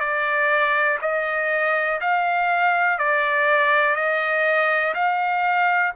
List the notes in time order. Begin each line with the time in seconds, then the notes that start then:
0.00 D5
1.02 D#5
2.01 F5
2.99 D5
3.96 D#5
4.95 F5